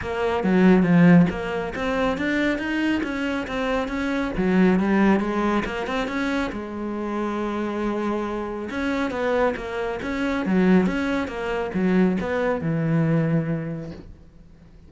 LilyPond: \new Staff \with { instrumentName = "cello" } { \time 4/4 \tempo 4 = 138 ais4 fis4 f4 ais4 | c'4 d'4 dis'4 cis'4 | c'4 cis'4 fis4 g4 | gis4 ais8 c'8 cis'4 gis4~ |
gis1 | cis'4 b4 ais4 cis'4 | fis4 cis'4 ais4 fis4 | b4 e2. | }